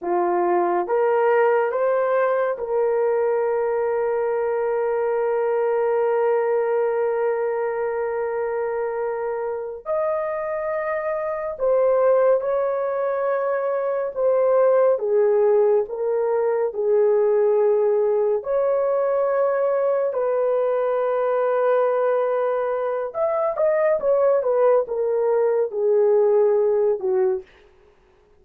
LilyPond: \new Staff \with { instrumentName = "horn" } { \time 4/4 \tempo 4 = 70 f'4 ais'4 c''4 ais'4~ | ais'1~ | ais'2.~ ais'8 dis''8~ | dis''4. c''4 cis''4.~ |
cis''8 c''4 gis'4 ais'4 gis'8~ | gis'4. cis''2 b'8~ | b'2. e''8 dis''8 | cis''8 b'8 ais'4 gis'4. fis'8 | }